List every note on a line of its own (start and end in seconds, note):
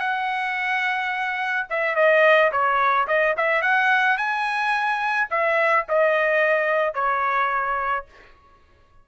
0.00 1.67 F#5
1.70 1.95 E5
1.95 2.51 D#5
2.52 3.07 C#5
3.08 3.35 D#5
3.37 3.62 E5
3.62 4.17 F#5
4.17 5.29 G#5
5.30 5.86 E5
5.89 6.94 D#5
6.94 8.05 C#5